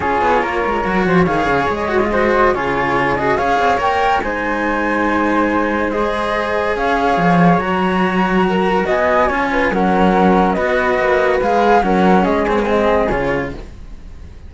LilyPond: <<
  \new Staff \with { instrumentName = "flute" } { \time 4/4 \tempo 4 = 142 cis''2. f''4 | dis''2 cis''4. dis''8 | f''4 g''4 gis''2~ | gis''2 dis''2 |
f''2 ais''2~ | ais''4 gis''2 fis''4~ | fis''4 dis''2 f''4 | fis''4 dis''8 cis''8 dis''4 cis''4 | }
  \new Staff \with { instrumentName = "flute" } { \time 4/4 gis'4 ais'4. c''8 cis''4~ | cis''4 c''4 gis'2 | cis''2 c''2~ | c''1 |
cis''1 | ais'4 dis''4 cis''8 b'8 ais'4~ | ais'4 b'2. | ais'4 gis'2. | }
  \new Staff \with { instrumentName = "cello" } { \time 4/4 f'2 fis'4 gis'4~ | gis'8 fis'16 f'16 fis'4 f'4. fis'8 | gis'4 ais'4 dis'2~ | dis'2 gis'2~ |
gis'2 fis'2~ | fis'2 f'4 cis'4~ | cis'4 fis'2 gis'4 | cis'4. c'16 ais16 c'4 f'4 | }
  \new Staff \with { instrumentName = "cello" } { \time 4/4 cis'8 b8 ais8 gis8 fis8 f8 dis8 cis8 | gis2 cis2 | cis'8 c'8 ais4 gis2~ | gis1 |
cis'4 f4 fis2~ | fis4 b4 cis'4 fis4~ | fis4 b4 ais4 gis4 | fis4 gis2 cis4 | }
>>